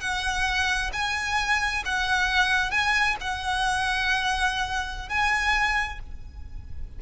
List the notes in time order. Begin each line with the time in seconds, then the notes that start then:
0.00 F#5
0.92 G#5
1.85 F#5
2.70 G#5
3.20 F#5
5.09 G#5